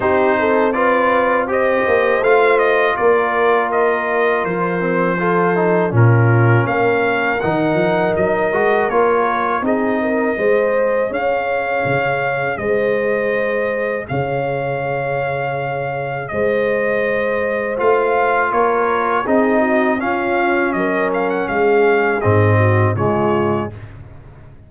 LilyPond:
<<
  \new Staff \with { instrumentName = "trumpet" } { \time 4/4 \tempo 4 = 81 c''4 d''4 dis''4 f''8 dis''8 | d''4 dis''4 c''2 | ais'4 f''4 fis''4 dis''4 | cis''4 dis''2 f''4~ |
f''4 dis''2 f''4~ | f''2 dis''2 | f''4 cis''4 dis''4 f''4 | dis''8 f''16 fis''16 f''4 dis''4 cis''4 | }
  \new Staff \with { instrumentName = "horn" } { \time 4/4 g'8 a'8 b'4 c''2 | ais'2. a'4 | f'4 ais'2.~ | ais'4 gis'8 ais'8 c''4 cis''4~ |
cis''4 c''2 cis''4~ | cis''2 c''2~ | c''4 ais'4 gis'8 fis'8 f'4 | ais'4 gis'4. fis'8 f'4 | }
  \new Staff \with { instrumentName = "trombone" } { \time 4/4 dis'4 f'4 g'4 f'4~ | f'2~ f'8 c'8 f'8 dis'8 | cis'2 dis'4. fis'8 | f'4 dis'4 gis'2~ |
gis'1~ | gis'1 | f'2 dis'4 cis'4~ | cis'2 c'4 gis4 | }
  \new Staff \with { instrumentName = "tuba" } { \time 4/4 c'2~ c'8 ais8 a4 | ais2 f2 | ais,4 ais4 dis8 f8 fis8 gis8 | ais4 c'4 gis4 cis'4 |
cis4 gis2 cis4~ | cis2 gis2 | a4 ais4 c'4 cis'4 | fis4 gis4 gis,4 cis4 | }
>>